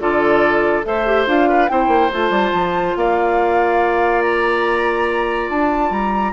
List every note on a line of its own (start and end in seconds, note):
0.00 0.85 D3
0.00 0.84 F4
0.00 0.86 A4
0.00 0.85 D5
0.84 1.27 A3
0.84 1.05 A4
0.84 1.49 C5
0.84 1.27 E5
1.06 1.27 G4
1.27 1.69 D4
1.27 1.68 F4
1.27 1.68 F5
1.49 1.70 B4
1.68 1.87 C4
1.68 2.10 E4
1.68 2.98 C5
1.68 2.11 G5
1.87 2.09 A#3
2.12 2.30 A3
2.12 6.33 F4
2.12 2.96 A5
2.30 2.51 G3
2.53 2.95 F3
2.96 5.50 A#3
2.96 6.33 D5
2.96 4.22 F5
4.22 5.49 A#5
5.50 5.90 D4
5.50 5.92 A5
5.90 6.33 G3
5.90 6.33 A#5